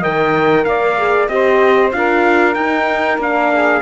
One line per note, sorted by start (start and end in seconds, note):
0.00 0.66 D#3
0.00 0.97 A#4
0.00 0.63 D#5
0.00 0.65 G5
0.65 1.29 A#3
0.65 1.31 D5
0.65 1.28 F5
0.98 1.29 G#4
1.28 1.92 C4
1.28 1.92 G4
1.28 1.96 C5
1.28 1.92 D#5
1.92 2.55 D4
1.92 2.56 F4
1.92 3.53 A#4
1.92 2.55 F5
2.55 3.18 D#4
2.55 3.19 D#4
2.55 3.18 G5
3.18 3.81 A#3
3.18 3.82 D4
3.18 3.82 F5
3.53 3.82 G#4